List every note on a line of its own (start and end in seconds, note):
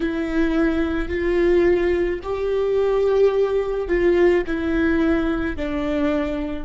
0.00 1.08 E4
1.08 2.19 F4
2.22 3.88 G4
3.88 4.43 F4
4.46 5.56 E4
5.56 6.65 D4